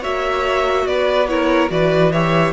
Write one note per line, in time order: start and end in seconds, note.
0.00 0.86 A#3
0.00 1.27 F#4
0.00 0.83 C#5
0.00 0.86 E5
0.86 1.69 B3
0.86 1.29 B4
0.86 1.28 D5
1.28 1.69 E4
1.28 1.71 A#4
1.28 1.69 C#5
1.69 2.53 E3
1.69 2.10 F#4
1.69 2.12 B4
1.69 2.12 D5
2.12 2.53 G4
2.12 2.53 C#5
2.12 2.53 E5